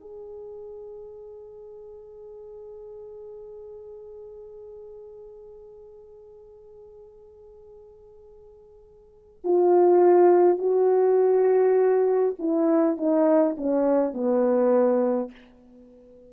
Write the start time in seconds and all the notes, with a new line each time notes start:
0.00 G#4
9.44 F4
10.58 F#4
12.39 E4
12.97 D#4
13.57 C#4
14.13 B3